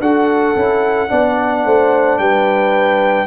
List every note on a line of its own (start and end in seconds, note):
0.00 0.55 D4
0.00 0.55 F#4
0.00 1.10 A4
0.00 2.19 F#5
0.56 1.10 C#4
0.56 1.09 E4
1.09 1.65 B3
1.09 3.27 D4
1.09 1.64 D5
1.65 2.19 A3
1.65 2.20 C5
2.19 3.27 G3
2.19 3.27 B4
2.19 3.27 G5